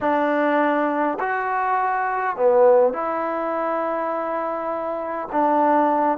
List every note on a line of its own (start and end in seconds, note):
0.00 1.18 D4
1.19 2.36 F#4
2.36 2.93 B3
2.93 5.28 E4
5.32 6.18 D4